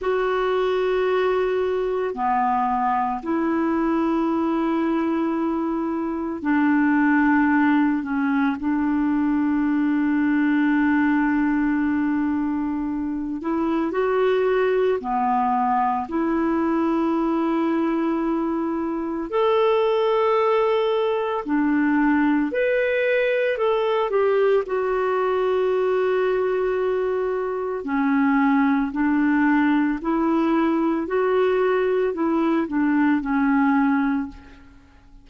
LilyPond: \new Staff \with { instrumentName = "clarinet" } { \time 4/4 \tempo 4 = 56 fis'2 b4 e'4~ | e'2 d'4. cis'8 | d'1~ | d'8 e'8 fis'4 b4 e'4~ |
e'2 a'2 | d'4 b'4 a'8 g'8 fis'4~ | fis'2 cis'4 d'4 | e'4 fis'4 e'8 d'8 cis'4 | }